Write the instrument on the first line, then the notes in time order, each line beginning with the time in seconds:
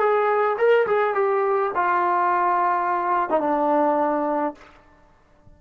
trombone
0.00 G#4
0.58 A#4
0.87 G#4
1.15 G4
1.75 F4
3.30 D#4
3.41 D4